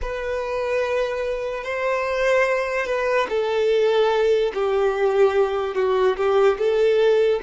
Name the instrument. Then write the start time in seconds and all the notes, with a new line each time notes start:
violin
0.01 B4
1.64 C5
2.86 B4
3.29 A4
4.54 G4
5.75 F#4
6.16 G4
6.58 A4